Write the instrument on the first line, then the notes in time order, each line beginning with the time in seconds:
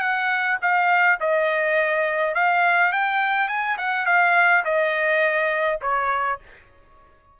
trumpet
0.00 F#5
0.62 F5
1.21 D#5
2.35 F5
2.93 G5
3.49 G#5
3.78 F#5
4.06 F5
4.65 D#5
5.82 C#5